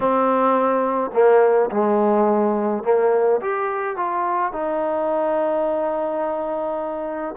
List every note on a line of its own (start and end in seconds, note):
0.00 1.10 C4
1.13 1.70 A#3
1.70 2.83 G#3
2.83 3.40 A#3
3.41 3.96 G4
3.96 4.52 F4
4.52 7.35 D#4